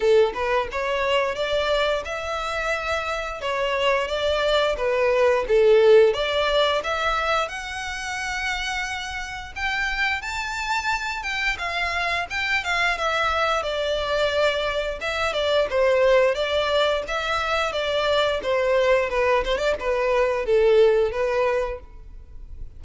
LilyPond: \new Staff \with { instrumentName = "violin" } { \time 4/4 \tempo 4 = 88 a'8 b'8 cis''4 d''4 e''4~ | e''4 cis''4 d''4 b'4 | a'4 d''4 e''4 fis''4~ | fis''2 g''4 a''4~ |
a''8 g''8 f''4 g''8 f''8 e''4 | d''2 e''8 d''8 c''4 | d''4 e''4 d''4 c''4 | b'8 c''16 d''16 b'4 a'4 b'4 | }